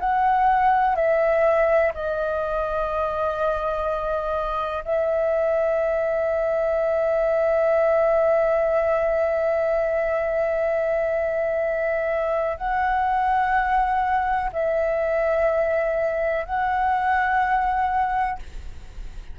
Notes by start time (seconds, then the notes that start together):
0.00 F#5
0.95 E5
1.94 D#5
4.85 E5
12.58 F#5
14.52 E5
16.46 F#5